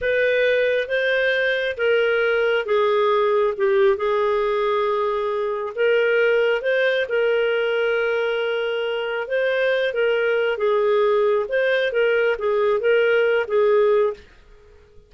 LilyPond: \new Staff \with { instrumentName = "clarinet" } { \time 4/4 \tempo 4 = 136 b'2 c''2 | ais'2 gis'2 | g'4 gis'2.~ | gis'4 ais'2 c''4 |
ais'1~ | ais'4 c''4. ais'4. | gis'2 c''4 ais'4 | gis'4 ais'4. gis'4. | }